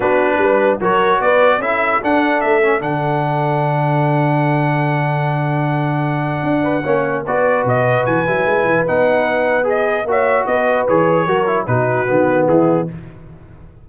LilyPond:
<<
  \new Staff \with { instrumentName = "trumpet" } { \time 4/4 \tempo 4 = 149 b'2 cis''4 d''4 | e''4 fis''4 e''4 fis''4~ | fis''1~ | fis''1~ |
fis''2 d''4 dis''4 | gis''2 fis''2 | dis''4 e''4 dis''4 cis''4~ | cis''4 b'2 gis'4 | }
  \new Staff \with { instrumentName = "horn" } { \time 4/4 fis'4 b'4 ais'4 b'4 | a'1~ | a'1~ | a'1~ |
a'8 b'8 cis''4 b'2~ | b'1~ | b'4 cis''4 b'2 | ais'4 fis'2 e'4 | }
  \new Staff \with { instrumentName = "trombone" } { \time 4/4 d'2 fis'2 | e'4 d'4. cis'8 d'4~ | d'1~ | d'1~ |
d'4 cis'4 fis'2~ | fis'8 e'4. dis'2 | gis'4 fis'2 gis'4 | fis'8 e'8 dis'4 b2 | }
  \new Staff \with { instrumentName = "tuba" } { \time 4/4 b4 g4 fis4 b4 | cis'4 d'4 a4 d4~ | d1~ | d1 |
d'4 ais4 b4 b,4 | e8 fis8 gis8 e8 b2~ | b4 ais4 b4 e4 | fis4 b,4 dis4 e4 | }
>>